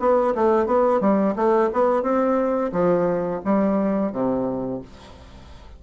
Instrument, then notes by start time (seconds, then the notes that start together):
bassoon
0.00 B3
0.35 A3
0.66 B3
1.01 G3
1.36 A3
1.73 B3
2.03 C4
2.73 F3
3.45 G3
4.12 C3